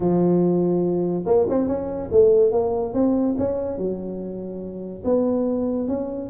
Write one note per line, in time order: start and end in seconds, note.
0.00 1.24 F3
1.25 1.46 A#3
1.49 1.67 C4
1.67 2.09 C#4
2.11 2.51 A3
2.51 2.93 A#3
2.93 3.35 C4
3.38 3.77 C#4
3.77 5.03 F#3
5.04 5.88 B3
5.88 6.29 C#4